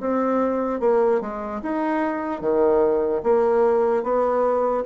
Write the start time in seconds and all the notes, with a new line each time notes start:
0.00 C4
0.80 A#3
1.21 G#3
1.63 D#4
2.41 D#3
3.23 A#3
4.03 B3